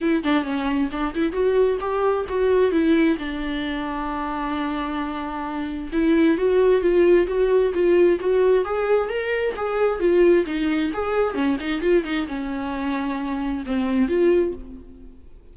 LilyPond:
\new Staff \with { instrumentName = "viola" } { \time 4/4 \tempo 4 = 132 e'8 d'8 cis'4 d'8 e'8 fis'4 | g'4 fis'4 e'4 d'4~ | d'1~ | d'4 e'4 fis'4 f'4 |
fis'4 f'4 fis'4 gis'4 | ais'4 gis'4 f'4 dis'4 | gis'4 cis'8 dis'8 f'8 dis'8 cis'4~ | cis'2 c'4 f'4 | }